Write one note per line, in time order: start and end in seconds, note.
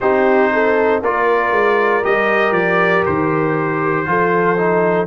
0.00 1.02 C4
0.00 1.03 D#4
0.00 0.51 G4
0.00 1.02 C5
0.53 1.01 A4
1.01 1.51 A#3
1.01 2.03 F4
1.01 4.06 A#4
1.01 2.04 D5
1.51 2.02 G#3
2.03 2.51 G3
2.03 4.05 G4
2.03 2.53 D#5
2.51 3.02 F3
2.51 3.03 D5
3.05 4.06 D#3
3.05 5.06 C5
4.05 5.06 F3
4.05 4.56 F4
4.05 5.06 A4
4.57 5.06 D#4